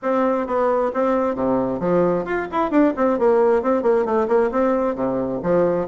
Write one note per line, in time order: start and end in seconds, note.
0.02 0.46 C4
0.46 0.91 B3
0.93 1.35 C4
1.35 1.79 C3
1.79 2.24 F3
2.25 2.47 F4
2.51 2.70 E4
2.70 2.93 D4
2.96 3.18 C4
3.18 3.62 A#3
3.62 3.82 C4
3.82 4.05 A#3
4.05 4.27 A3
4.28 4.50 A#3
4.51 4.95 C4
4.95 5.40 C3
5.42 5.87 F3